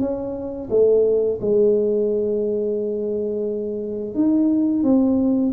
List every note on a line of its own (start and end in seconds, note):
0.00 0.69 C#4
0.70 1.39 A3
1.41 4.14 G#3
4.14 4.83 D#4
4.83 5.52 C4